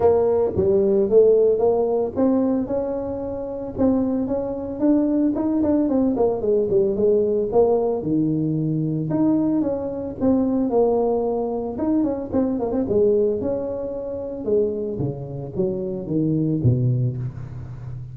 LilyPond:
\new Staff \with { instrumentName = "tuba" } { \time 4/4 \tempo 4 = 112 ais4 g4 a4 ais4 | c'4 cis'2 c'4 | cis'4 d'4 dis'8 d'8 c'8 ais8 | gis8 g8 gis4 ais4 dis4~ |
dis4 dis'4 cis'4 c'4 | ais2 dis'8 cis'8 c'8 ais16 c'16 | gis4 cis'2 gis4 | cis4 fis4 dis4 b,4 | }